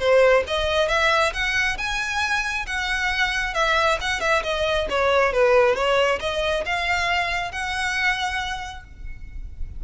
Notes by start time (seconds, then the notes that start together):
0.00 C5
0.48 D#5
0.89 E5
1.34 F#5
1.78 G#5
2.67 F#5
3.55 E5
4.01 F#5
4.21 E5
4.44 D#5
4.90 C#5
5.33 B4
5.76 C#5
6.20 D#5
6.66 F5
7.52 F#5